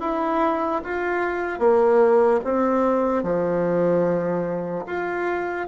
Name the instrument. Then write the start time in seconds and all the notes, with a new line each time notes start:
bassoon
0.00 E4
0.83 F4
1.59 A#3
2.44 C4
3.23 F3
4.86 F4